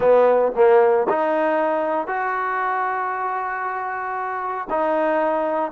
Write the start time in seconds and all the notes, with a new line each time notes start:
0.00 B3
0.55 A#3
1.09 D#4
2.07 F#4
4.70 D#4